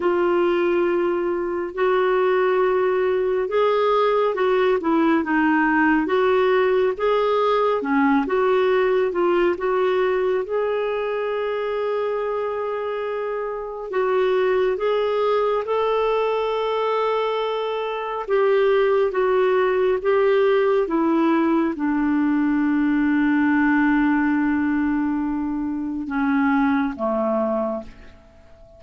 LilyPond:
\new Staff \with { instrumentName = "clarinet" } { \time 4/4 \tempo 4 = 69 f'2 fis'2 | gis'4 fis'8 e'8 dis'4 fis'4 | gis'4 cis'8 fis'4 f'8 fis'4 | gis'1 |
fis'4 gis'4 a'2~ | a'4 g'4 fis'4 g'4 | e'4 d'2.~ | d'2 cis'4 a4 | }